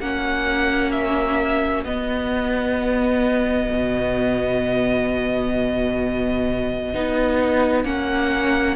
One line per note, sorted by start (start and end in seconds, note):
0.00 1.85 A#3
0.00 1.86 C#4
0.00 8.76 F#4
0.00 0.92 F#5
0.92 1.84 E5
1.85 3.69 B3
1.85 6.94 B3
1.85 7.85 D#5
3.72 6.95 B2
6.94 7.85 B3
6.94 7.85 D#4
7.85 8.76 A#3
7.85 8.76 C#4
7.85 8.76 F#5